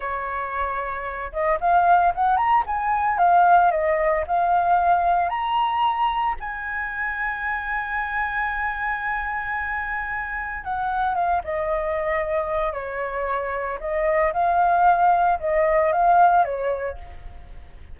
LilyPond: \new Staff \with { instrumentName = "flute" } { \time 4/4 \tempo 4 = 113 cis''2~ cis''8 dis''8 f''4 | fis''8 ais''8 gis''4 f''4 dis''4 | f''2 ais''2 | gis''1~ |
gis''1 | fis''4 f''8 dis''2~ dis''8 | cis''2 dis''4 f''4~ | f''4 dis''4 f''4 cis''4 | }